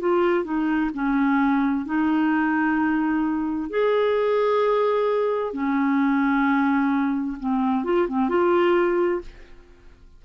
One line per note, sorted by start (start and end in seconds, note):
0.00 0.44 F4
0.44 0.90 D#4
0.94 1.85 C#4
1.85 3.70 D#4
3.70 5.53 G#4
5.53 7.37 C#4
7.40 7.84 C4
7.84 8.07 F4
8.08 8.29 C4
8.29 9.21 F4